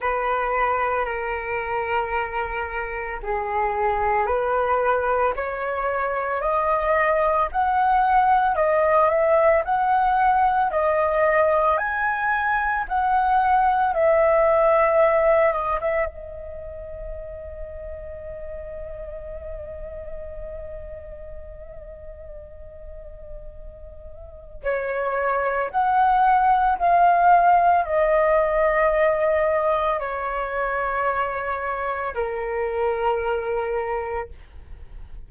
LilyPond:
\new Staff \with { instrumentName = "flute" } { \time 4/4 \tempo 4 = 56 b'4 ais'2 gis'4 | b'4 cis''4 dis''4 fis''4 | dis''8 e''8 fis''4 dis''4 gis''4 | fis''4 e''4. dis''16 e''16 dis''4~ |
dis''1~ | dis''2. cis''4 | fis''4 f''4 dis''2 | cis''2 ais'2 | }